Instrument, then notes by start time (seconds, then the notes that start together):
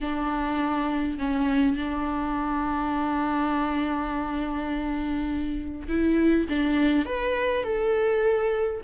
viola
0.00 D4
1.18 C#4
1.76 D4
5.88 E4
6.49 D4
7.05 B4
7.63 A4